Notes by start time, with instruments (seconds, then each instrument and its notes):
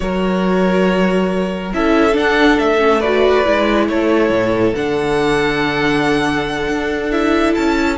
0.00 cello F#3, viola F#4, violin A#4 C#5
1.73 cello C#4, viola E4, violin A4 E5
2.12 viola D4, cello D4, violin F#5
2.59 cello A3, violin E5
2.78 viola C#4
3.00 viola F#4, violin B4 D5
3.45 cello G#3, viola E4
3.88 cello A3, violin A4 C#5
4.29 cello A2
4.74 cello D3, viola D4, violin F#5
6.68 cello D4
7.11 viola E4, violin E5
7.54 cello C#4, violin A5